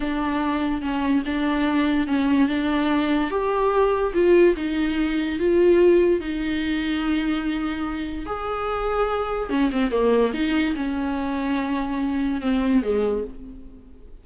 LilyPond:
\new Staff \with { instrumentName = "viola" } { \time 4/4 \tempo 4 = 145 d'2 cis'4 d'4~ | d'4 cis'4 d'2 | g'2 f'4 dis'4~ | dis'4 f'2 dis'4~ |
dis'1 | gis'2. cis'8 c'8 | ais4 dis'4 cis'2~ | cis'2 c'4 gis4 | }